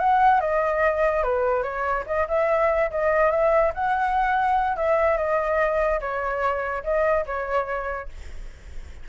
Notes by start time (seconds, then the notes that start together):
0.00 F#5
0.41 D#5
1.23 B4
1.63 C#5
2.07 D#5
2.29 E5
2.91 D#5
3.31 E5
3.75 F#5
4.77 E5
5.17 D#5
6.01 C#5
6.84 D#5
7.27 C#5